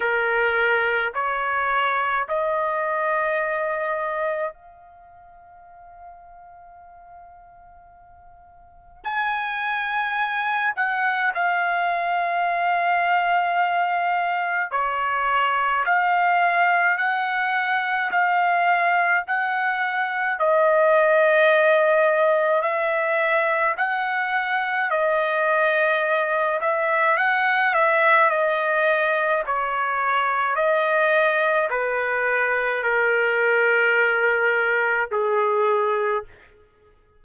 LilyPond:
\new Staff \with { instrumentName = "trumpet" } { \time 4/4 \tempo 4 = 53 ais'4 cis''4 dis''2 | f''1 | gis''4. fis''8 f''2~ | f''4 cis''4 f''4 fis''4 |
f''4 fis''4 dis''2 | e''4 fis''4 dis''4. e''8 | fis''8 e''8 dis''4 cis''4 dis''4 | b'4 ais'2 gis'4 | }